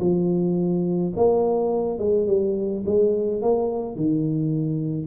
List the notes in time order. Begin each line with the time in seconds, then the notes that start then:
0.00 F3
1.17 A#3
1.99 G#3
2.27 G3
2.86 G#3
3.42 A#3
3.96 D#3